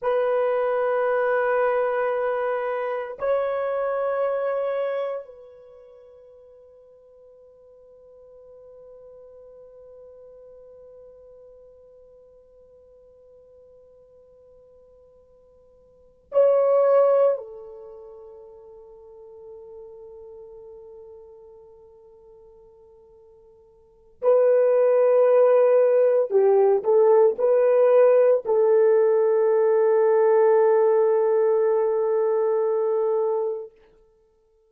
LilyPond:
\new Staff \with { instrumentName = "horn" } { \time 4/4 \tempo 4 = 57 b'2. cis''4~ | cis''4 b'2.~ | b'1~ | b'2.~ b'8 cis''8~ |
cis''8 a'2.~ a'8~ | a'2. b'4~ | b'4 g'8 a'8 b'4 a'4~ | a'1 | }